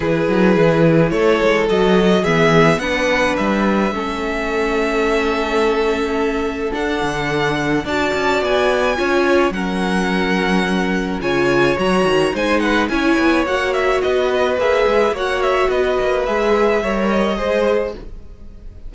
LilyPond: <<
  \new Staff \with { instrumentName = "violin" } { \time 4/4 \tempo 4 = 107 b'2 cis''4 dis''4 | e''4 fis''4 e''2~ | e''1 | fis''2 a''4 gis''4~ |
gis''4 fis''2. | gis''4 ais''4 gis''8 fis''8 gis''4 | fis''8 e''8 dis''4 e''4 fis''8 e''8 | dis''4 e''4. dis''4. | }
  \new Staff \with { instrumentName = "violin" } { \time 4/4 gis'2 a'2 | gis'4 b'2 a'4~ | a'1~ | a'2 d''2 |
cis''4 ais'2. | cis''2 c''8 b'8 cis''4~ | cis''4 b'2 cis''4 | b'2 cis''4 c''4 | }
  \new Staff \with { instrumentName = "viola" } { \time 4/4 e'2. fis'4 | b4 d'2 cis'4~ | cis'1 | d'2 fis'2 |
f'4 cis'2. | f'4 fis'4 dis'4 e'4 | fis'2 gis'4 fis'4~ | fis'4 gis'4 ais'4 gis'4 | }
  \new Staff \with { instrumentName = "cello" } { \time 4/4 e8 fis8 e4 a8 gis8 fis4 | e4 b4 g4 a4~ | a1 | d'8 d4. d'8 cis'8 b4 |
cis'4 fis2. | cis4 fis8 dis8 gis4 cis'8 b8 | ais4 b4 ais8 gis8 ais4 | b8 ais8 gis4 g4 gis4 | }
>>